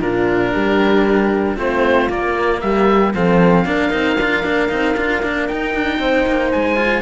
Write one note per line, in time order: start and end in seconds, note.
0.00 0.52 A#2
0.00 1.56 D4
0.00 0.52 F4
0.00 1.57 A#4
0.52 1.58 G3
0.52 1.56 G4
1.56 2.09 A3
1.56 2.08 C4
1.56 2.60 F4
1.56 2.10 C5
2.09 3.13 A#3
2.09 2.62 A#3
2.09 2.60 D5
2.60 3.14 G3
2.60 3.14 G4
2.60 3.13 E5
3.14 3.66 F3
3.14 3.65 C4
3.14 3.66 A4
3.14 5.47 F5
3.65 3.92 A#3
3.65 3.90 D4
3.65 5.99 A#4
3.90 4.17 C4
3.90 4.16 D#4
4.17 4.44 D4
4.17 4.42 F4
4.42 4.71 A#3
4.42 4.69 D4
4.69 4.96 C4
4.69 4.95 D#4
4.96 5.22 D4
4.96 5.22 F4
5.22 5.49 A#3
5.22 5.48 D4
5.47 6.76 D#4
5.47 5.74 D#4
5.47 6.51 G5
5.74 5.99 D4
5.99 6.25 C4
5.99 7.02 C5
6.26 6.52 A#3
6.51 7.02 G#3
6.51 7.02 G#5
6.76 7.02 F4